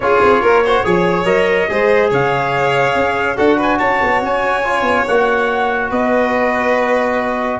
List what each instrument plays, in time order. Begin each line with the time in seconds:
0.00 tuba C#4, trombone F4, violin G#4, trumpet C#5
0.22 tuba C4
0.41 tuba A#3, violin A#4
0.64 trombone F#4, violin C5
0.84 tuba F3, trombone G#4, violin C#5
1.24 tuba F#3, trombone A#4, trumpet D#5
1.68 tuba G#3, trombone G#4, violin C5
2.10 tuba C#3, violin C#5, trumpet F5
2.95 tuba C#4
3.36 tuba D4, trombone F#4, violin A4, trumpet F#5
3.57 violin B4, trumpet G#5
3.78 tuba C#4, violin C#5, trumpet A5
4.02 tuba B3
4.22 tuba C#4, trumpet G#5
4.64 trombone F4
4.82 tuba B3
5.07 tuba A#3, trombone F#4, trumpet F#5
5.90 tuba B3, violin B4, trumpet D#5